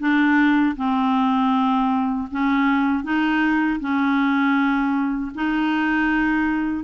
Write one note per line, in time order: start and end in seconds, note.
0.00 0.76 D4
0.77 2.29 C4
2.32 3.04 C#4
3.04 3.80 D#4
3.80 5.32 C#4
5.35 6.84 D#4